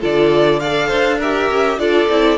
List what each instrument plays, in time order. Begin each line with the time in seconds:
0.00 cello D3, viola F4, violin A4 D5
0.59 viola A4, violin D5 F5
0.87 cello D4, violin C5
1.17 viola G4, violin A#4 E5
1.50 cello C#4
1.77 cello D4, viola F4, violin A4 D5
2.09 cello C4, viola E4